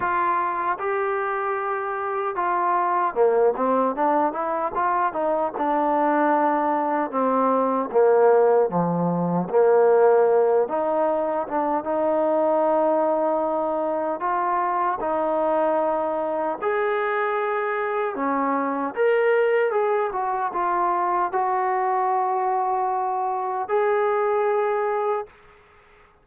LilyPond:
\new Staff \with { instrumentName = "trombone" } { \time 4/4 \tempo 4 = 76 f'4 g'2 f'4 | ais8 c'8 d'8 e'8 f'8 dis'8 d'4~ | d'4 c'4 ais4 f4 | ais4. dis'4 d'8 dis'4~ |
dis'2 f'4 dis'4~ | dis'4 gis'2 cis'4 | ais'4 gis'8 fis'8 f'4 fis'4~ | fis'2 gis'2 | }